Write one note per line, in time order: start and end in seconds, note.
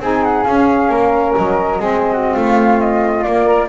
0.00 0.45 C4
0.00 0.47 D#4
0.00 0.91 G#4
0.00 0.23 G#5
0.23 0.43 F#5
0.43 0.89 C#4
0.43 1.78 C#4
0.43 1.33 F5
0.89 1.34 A#3
0.89 1.80 A#4
1.36 1.79 F#3
1.36 2.36 D#5
1.78 2.35 G#3
1.78 3.24 C4
1.78 2.13 G#4
2.13 2.34 F#4
2.34 3.26 A3
2.34 3.68 F4
2.34 2.81 F5
2.81 3.24 D#5
3.24 3.46 A#3
3.24 3.69 A#3
3.24 3.68 D5
3.46 3.68 A#4